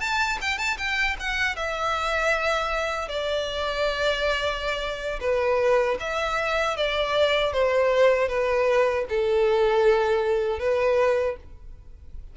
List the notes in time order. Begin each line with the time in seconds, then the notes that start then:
0.00 A5
0.42 G5
0.58 A5
0.78 G5
1.20 F#5
1.56 E5
3.08 D5
5.21 B4
6.00 E5
6.77 D5
7.53 C5
8.28 B4
9.09 A4
10.59 B4